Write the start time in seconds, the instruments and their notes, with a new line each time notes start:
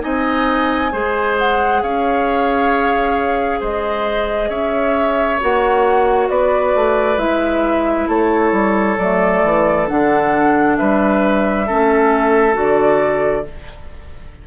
0.00 bassoon C4, clarinet D#4, oboe D#5, flute G#5
0.91 bassoon G#3, clarinet G#4, oboe C5
1.38 flute F#5
1.82 bassoon C#4, oboe C#5, flute F5
3.60 bassoon G#3, oboe C5, flute D#5
4.49 bassoon C#4, oboe C#5, flute E5
5.40 bassoon A#3, clarinet F#4, flute F#5
6.29 bassoon B3, oboe B4, flute D5
6.74 bassoon A3
7.17 bassoon G#3, clarinet E4, flute E5
8.08 bassoon A3, oboe A4, flute C#5
8.51 bassoon G3
8.97 bassoon F#3, clarinet A3, flute D5
9.43 bassoon E3
9.87 bassoon D3, clarinet D4, flute F#5
10.76 bassoon G3, oboe B4, flute E5
11.66 bassoon A3, clarinet C#4, oboe A4
12.53 bassoon D3, clarinet F#4, flute D5